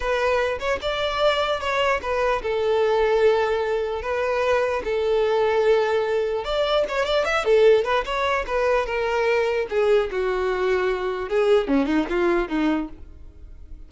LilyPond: \new Staff \with { instrumentName = "violin" } { \time 4/4 \tempo 4 = 149 b'4. cis''8 d''2 | cis''4 b'4 a'2~ | a'2 b'2 | a'1 |
d''4 cis''8 d''8 e''8 a'4 b'8 | cis''4 b'4 ais'2 | gis'4 fis'2. | gis'4 cis'8 dis'8 f'4 dis'4 | }